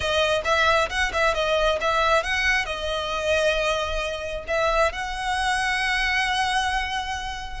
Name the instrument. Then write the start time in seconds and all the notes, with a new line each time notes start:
violin
0.00 D#5
0.44 E5
0.89 F#5
1.13 E5
1.34 D#5
1.80 E5
2.23 F#5
2.65 D#5
4.47 E5
4.92 F#5